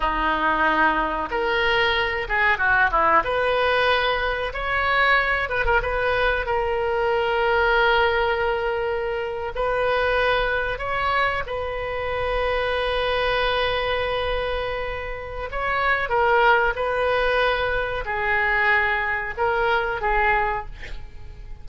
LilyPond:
\new Staff \with { instrumentName = "oboe" } { \time 4/4 \tempo 4 = 93 dis'2 ais'4. gis'8 | fis'8 e'8 b'2 cis''4~ | cis''8 b'16 ais'16 b'4 ais'2~ | ais'2~ ais'8. b'4~ b'16~ |
b'8. cis''4 b'2~ b'16~ | b'1 | cis''4 ais'4 b'2 | gis'2 ais'4 gis'4 | }